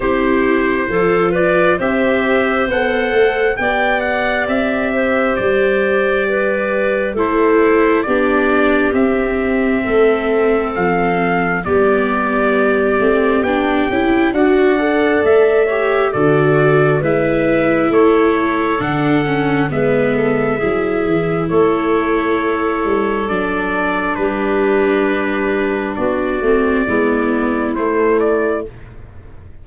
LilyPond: <<
  \new Staff \with { instrumentName = "trumpet" } { \time 4/4 \tempo 4 = 67 c''4. d''8 e''4 fis''4 | g''8 fis''8 e''4 d''2 | c''4 d''4 e''2 | f''4 d''2 g''4 |
fis''4 e''4 d''4 e''4 | cis''4 fis''4 e''2 | cis''2 d''4 b'4~ | b'4 d''2 c''8 d''8 | }
  \new Staff \with { instrumentName = "clarinet" } { \time 4/4 g'4 a'8 b'8 c''2 | d''4. c''4. b'4 | a'4 g'2 a'4~ | a'4 g'2. |
d''4. cis''8 a'4 b'4 | a'2 b'8 a'8 gis'4 | a'2. g'4~ | g'4 fis'4 e'2 | }
  \new Staff \with { instrumentName = "viola" } { \time 4/4 e'4 f'4 g'4 a'4 | g'1 | e'4 d'4 c'2~ | c'4 b4. c'8 d'8 e'8 |
fis'8 a'4 g'8 fis'4 e'4~ | e'4 d'8 cis'8 b4 e'4~ | e'2 d'2~ | d'4. c'8 b4 a4 | }
  \new Staff \with { instrumentName = "tuba" } { \time 4/4 c'4 f4 c'4 b8 a8 | b4 c'4 g2 | a4 b4 c'4 a4 | f4 g4. a8 b8 cis'8 |
d'4 a4 d4 gis4 | a4 d4 gis4 fis8 e8 | a4. g8 fis4 g4~ | g4 b8 a8 gis4 a4 | }
>>